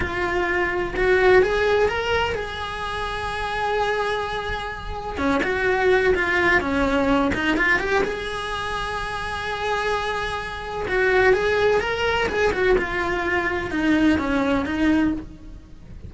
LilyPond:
\new Staff \with { instrumentName = "cello" } { \time 4/4 \tempo 4 = 127 f'2 fis'4 gis'4 | ais'4 gis'2.~ | gis'2. cis'8 fis'8~ | fis'4 f'4 cis'4. dis'8 |
f'8 g'8 gis'2.~ | gis'2. fis'4 | gis'4 ais'4 gis'8 fis'8 f'4~ | f'4 dis'4 cis'4 dis'4 | }